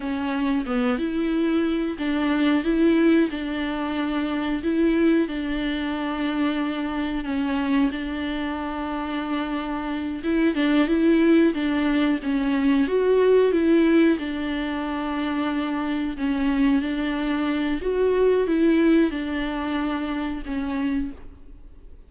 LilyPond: \new Staff \with { instrumentName = "viola" } { \time 4/4 \tempo 4 = 91 cis'4 b8 e'4. d'4 | e'4 d'2 e'4 | d'2. cis'4 | d'2.~ d'8 e'8 |
d'8 e'4 d'4 cis'4 fis'8~ | fis'8 e'4 d'2~ d'8~ | d'8 cis'4 d'4. fis'4 | e'4 d'2 cis'4 | }